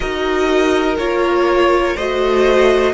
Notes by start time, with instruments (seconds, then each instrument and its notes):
0.00 cello D#4, viola F#4, violin A#4 D#5
0.97 cello A#3, viola F4, violin C#5
1.94 cello A3, viola F#4, violin C5 D#5